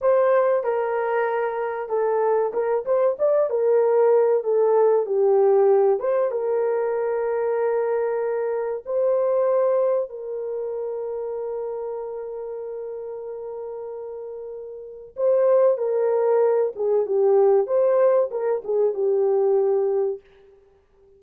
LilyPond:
\new Staff \with { instrumentName = "horn" } { \time 4/4 \tempo 4 = 95 c''4 ais'2 a'4 | ais'8 c''8 d''8 ais'4. a'4 | g'4. c''8 ais'2~ | ais'2 c''2 |
ais'1~ | ais'1 | c''4 ais'4. gis'8 g'4 | c''4 ais'8 gis'8 g'2 | }